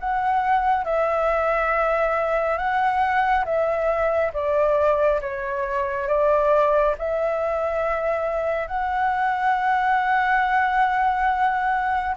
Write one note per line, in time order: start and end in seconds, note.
0.00 0.85 F#5
0.85 2.57 E5
2.57 3.44 F#5
3.45 4.32 E5
4.33 5.20 D5
5.21 6.08 C#5
6.08 6.95 D5
6.98 8.68 E5
8.68 12.15 F#5